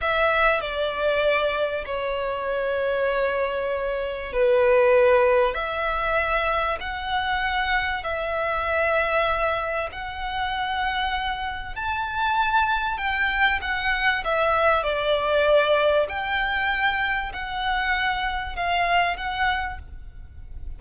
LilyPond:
\new Staff \with { instrumentName = "violin" } { \time 4/4 \tempo 4 = 97 e''4 d''2 cis''4~ | cis''2. b'4~ | b'4 e''2 fis''4~ | fis''4 e''2. |
fis''2. a''4~ | a''4 g''4 fis''4 e''4 | d''2 g''2 | fis''2 f''4 fis''4 | }